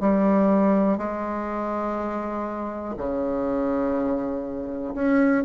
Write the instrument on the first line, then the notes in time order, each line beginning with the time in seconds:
bassoon
0.00 G3
0.98 G#3
2.97 C#3
4.94 C#4